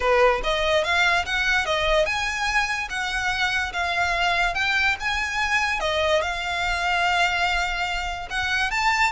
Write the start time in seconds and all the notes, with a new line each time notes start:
0.00 B4
0.43 D#5
0.84 F5
1.25 F#5
1.65 D#5
2.05 G#5
2.89 F#5
3.72 F5
4.54 G5
5.00 G#5
5.80 D#5
6.21 F5
8.30 F#5
8.70 A5